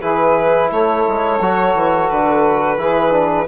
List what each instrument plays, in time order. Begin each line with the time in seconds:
0.00 bassoon E3, trombone E4, saxophone G#4, violin B4
0.71 bassoon A3, saxophone A4, violin C#5
1.07 bassoon G#3
1.40 bassoon F#3, trombone F#4
1.74 bassoon E3
2.10 bassoon D3, violin B4
2.77 bassoon E3, trombone E4, saxophone G#4
3.11 trombone D4